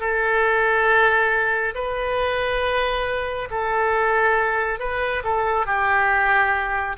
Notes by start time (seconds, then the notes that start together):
0.00 A4
1.74 B4
3.50 A4
4.79 B4
5.24 A4
5.66 G4